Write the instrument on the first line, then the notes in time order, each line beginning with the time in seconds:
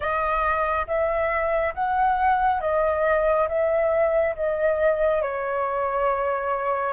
flute
0.00 D#5
0.87 E5
1.74 F#5
2.60 D#5
3.48 E5
4.35 D#5
5.22 C#5